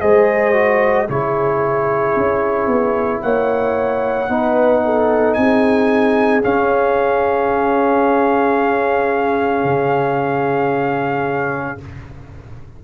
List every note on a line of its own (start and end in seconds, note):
0.00 1.09 G#3
0.00 0.53 G#4
0.00 1.08 C5
0.00 1.07 D#5
0.53 1.07 F#4
1.07 2.15 C#3
1.07 4.28 E4
1.07 3.23 G#4
1.07 3.22 C#5
2.15 2.67 C#4
2.67 3.20 B3
3.22 4.29 A#3
3.22 4.30 C#5
3.22 5.34 F#5
4.28 5.36 B3
4.28 6.42 D#4
4.28 4.83 B4
4.85 5.38 A4
5.34 6.44 C4
5.34 6.41 G#5
5.41 11.84 G#4
6.42 11.78 C#4
6.42 9.64 C#4
6.42 11.79 F5
9.64 11.78 C#3